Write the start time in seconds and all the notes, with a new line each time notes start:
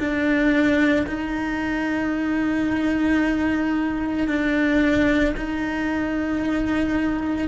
0.00 D4
1.07 D#4
4.28 D4
5.37 D#4